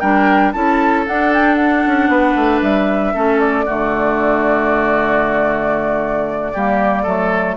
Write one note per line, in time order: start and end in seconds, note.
0.00 0.54 G3
0.00 0.54 D4
0.00 0.53 A#4
0.00 0.52 G5
0.53 1.07 C#4
0.53 1.06 E4
0.53 2.10 A4
0.53 1.05 A5
1.07 3.14 D4
1.07 1.86 D4
1.07 1.33 F#5
1.34 1.55 G5
1.55 2.60 F#5
1.86 2.08 C#4
2.08 2.35 B3
2.08 3.14 B4
2.36 2.62 A3
2.62 3.14 G3
2.62 3.40 E5
3.14 3.67 A3
3.14 3.67 C#4
3.14 3.65 A4
3.40 7.57 D5
3.65 6.55 D3
3.65 6.54 A3
3.65 6.52 F#4
6.53 7.06 G3
6.53 7.06 A#3
6.53 7.03 G4
7.03 7.58 F#3
7.03 7.58 A3
7.03 7.55 A4